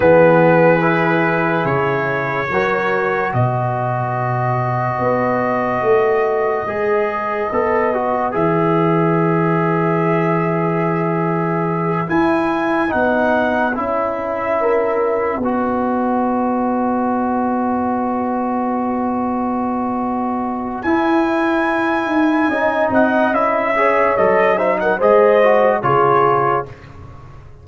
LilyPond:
<<
  \new Staff \with { instrumentName = "trumpet" } { \time 4/4 \tempo 4 = 72 b'2 cis''2 | dis''1~ | dis''2 e''2~ | e''2~ e''8 gis''4 fis''8~ |
fis''8 e''2 dis''4.~ | dis''1~ | dis''4 gis''2~ gis''8 fis''8 | e''4 dis''8 e''16 fis''16 dis''4 cis''4 | }
  \new Staff \with { instrumentName = "horn" } { \time 4/4 gis'2. ais'4 | b'1~ | b'1~ | b'1~ |
b'4. ais'4 b'4.~ | b'1~ | b'2. dis''4~ | dis''8 cis''4 c''16 ais'16 c''4 gis'4 | }
  \new Staff \with { instrumentName = "trombone" } { \time 4/4 b4 e'2 fis'4~ | fis'1 | gis'4 a'8 fis'8 gis'2~ | gis'2~ gis'8 e'4 dis'8~ |
dis'8 e'2 fis'4.~ | fis'1~ | fis'4 e'2 dis'4 | e'8 gis'8 a'8 dis'8 gis'8 fis'8 f'4 | }
  \new Staff \with { instrumentName = "tuba" } { \time 4/4 e2 cis4 fis4 | b,2 b4 a4 | gis4 b4 e2~ | e2~ e8 e'4 b8~ |
b8 cis'2 b4.~ | b1~ | b4 e'4. dis'8 cis'8 c'8 | cis'4 fis4 gis4 cis4 | }
>>